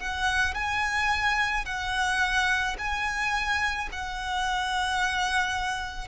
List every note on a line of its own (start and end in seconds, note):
0.00 0.55 F#5
0.55 1.66 G#5
1.66 2.77 F#5
2.79 3.90 G#5
3.92 6.08 F#5